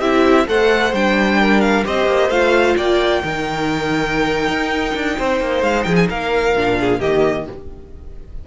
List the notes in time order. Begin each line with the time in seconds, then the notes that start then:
0.00 C4 E4 G4 E5
0.47 A3 A4 C5 F#5
0.93 G3 D4 G5
1.40 A#4
1.61 F5
1.84 C4 G4 C5 D#5
2.06 A#3
2.29 A3 F4 F5
2.76 A#3 D5 G5
3.23 D#3 D#4 A#4
4.48 D#4
4.95 D4
5.18 C4 C5
5.40 A#3
5.62 G#3 F5
5.83 F3 G#4 G5
5.96 G#5
6.09 A#3 A#4 F5
6.56 A#2 D4
6.80 G#4
6.99 D#3 A#3 G4 D#5